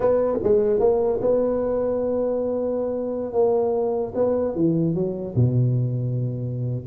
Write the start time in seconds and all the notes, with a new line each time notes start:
0.00 B3
0.43 G#3
0.79 A#3
1.21 B3
3.32 A#3
4.14 B3
4.55 E3
4.94 F#3
5.35 B2